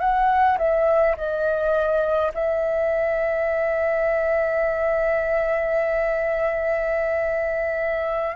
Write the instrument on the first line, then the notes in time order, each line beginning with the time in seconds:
flute
0.00 F#5
0.58 E5
1.16 D#5
2.34 E5